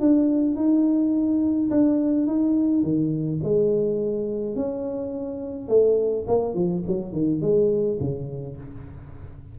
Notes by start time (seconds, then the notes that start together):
0.00 D4
0.56 D#4
1.70 D4
2.27 D#4
2.83 D#3
3.43 G#3
4.56 C#4
5.68 A3
6.27 A#3
6.55 F3
6.87 F#3
7.12 D#3
7.41 G#3
8.00 C#3